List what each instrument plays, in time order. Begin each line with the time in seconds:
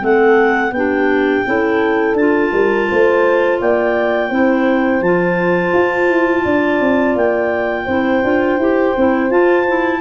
0.00 tuba A3, clarinet C4 F#5, horn A4
0.72 tuba B3, clarinet D4 G5, horn G4
1.46 tuba C#4, clarinet E4, horn A4
2.14 tuba D4, clarinet F4 A5
2.53 tuba G3, horn A#4
2.89 tuba A3, horn C5
3.60 tuba A#3, horn D5, clarinet G5
4.30 tuba C4, clarinet E4, horn C5
5.01 tuba F3, clarinet F4 A5
5.74 tuba F4
6.09 tuba E4
6.44 tuba D4, horn D5
6.81 tuba C4
7.16 tuba A#3, clarinet G5
7.85 tuba C4, clarinet E4, horn C5
8.23 tuba D4, clarinet F4
8.58 tuba E4, clarinet G4
8.97 tuba C4, clarinet E4
9.30 clarinet F4 A5, tuba F4
9.67 clarinet E4